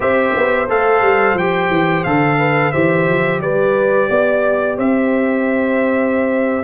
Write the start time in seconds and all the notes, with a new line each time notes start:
0.00 C4 G4 C5 E5
0.36 B3
0.68 A3 A4 F5
1.02 G3
1.34 F3 G4 G5
1.69 E3
2.04 D3 A4 F5
2.38 B4
2.72 E3 G4 C5 E5
3.08 F3
3.39 G3 B4 D5
4.09 B3 D5
4.77 C4 C5 E5